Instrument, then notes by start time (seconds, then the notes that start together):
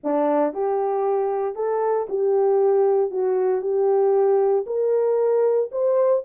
horn
0.03 D4
0.53 G4
1.55 A4
2.09 G4
3.11 F#4
3.61 G4
4.66 A#4
5.71 C5